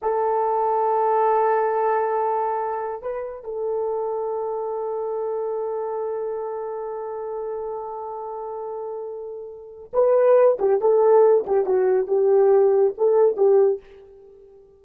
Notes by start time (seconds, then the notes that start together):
0.02 A4
3.02 B4
3.43 A4
9.93 B4
10.59 G4
10.80 A4
11.46 G4
11.65 F#4
12.07 G4
12.97 A4
13.36 G4